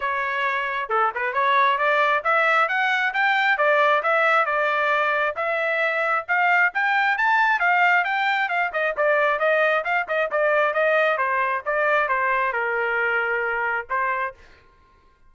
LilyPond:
\new Staff \with { instrumentName = "trumpet" } { \time 4/4 \tempo 4 = 134 cis''2 a'8 b'8 cis''4 | d''4 e''4 fis''4 g''4 | d''4 e''4 d''2 | e''2 f''4 g''4 |
a''4 f''4 g''4 f''8 dis''8 | d''4 dis''4 f''8 dis''8 d''4 | dis''4 c''4 d''4 c''4 | ais'2. c''4 | }